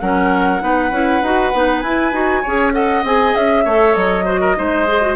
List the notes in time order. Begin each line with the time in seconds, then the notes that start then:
0.00 F#3 C#4 A#4 F#5
0.61 B3 D#4 B4
0.91 C#4 E4
1.22 D#4 F#4
1.54 B3 D#4
1.80 E4 G#5
2.13 D#4 F#4
2.42 C#4 G#4 C#5
2.73 A4 D#5 F#5
3.04 C4 G#4 G#5
3.35 C#4 E5
3.65 A3 A4 C#5
3.94 F#3 D#5
4.25 F#4 C5
4.41 A#4
4.56 G#3 D#4 C5
4.88 G#4
5.02 F#4